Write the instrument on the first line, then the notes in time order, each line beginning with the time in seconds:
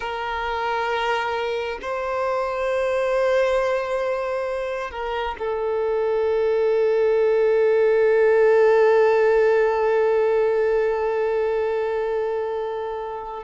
violin
0.00 A#4
1.82 C5
4.90 A#4
5.38 A4